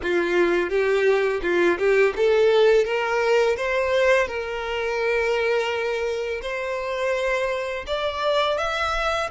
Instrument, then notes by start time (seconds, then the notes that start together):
violin
0.02 F4
0.69 G4
1.42 F4
1.78 G4
2.16 A4
2.84 A#4
3.56 C5
4.27 A#4
6.42 C5
7.86 D5
8.58 E5